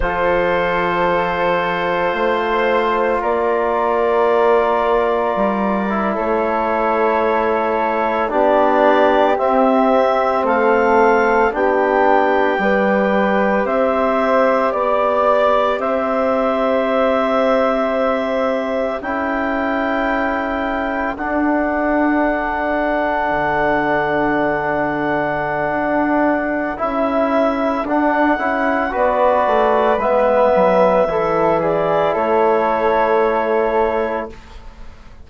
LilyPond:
<<
  \new Staff \with { instrumentName = "clarinet" } { \time 4/4 \tempo 4 = 56 c''2. d''4~ | d''4.~ d''16 cis''2 d''16~ | d''8. e''4 f''4 g''4~ g''16~ | g''8. e''4 d''4 e''4~ e''16~ |
e''4.~ e''16 g''2 fis''16~ | fis''1~ | fis''4 e''4 fis''4 d''4 | e''4. d''8 cis''2 | }
  \new Staff \with { instrumentName = "flute" } { \time 4/4 a'2 c''4 ais'4~ | ais'4.~ ais'16 a'2 g'16~ | g'4.~ g'16 a'4 g'4 b'16~ | b'8. c''4 d''4 c''4~ c''16~ |
c''4.~ c''16 a'2~ a'16~ | a'1~ | a'2. b'4~ | b'4 a'8 gis'8 a'2 | }
  \new Staff \with { instrumentName = "trombone" } { \time 4/4 f'1~ | f'4. e'2~ e'16 d'16~ | d'8. c'2 d'4 g'16~ | g'1~ |
g'4.~ g'16 e'2 d'16~ | d'1~ | d'4 e'4 d'8 e'8 fis'4 | b4 e'2. | }
  \new Staff \with { instrumentName = "bassoon" } { \time 4/4 f2 a4 ais4~ | ais4 g8. a2 b16~ | b8. c'4 a4 b4 g16~ | g8. c'4 b4 c'4~ c'16~ |
c'4.~ c'16 cis'2 d'16~ | d'4.~ d'16 d2~ d16 | d'4 cis'4 d'8 cis'8 b8 a8 | gis8 fis8 e4 a2 | }
>>